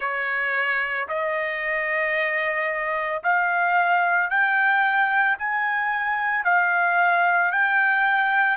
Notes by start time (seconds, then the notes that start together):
0.00 C#5
1.08 D#5
3.23 F5
4.30 G5
5.38 G#5
6.44 F5
7.51 G5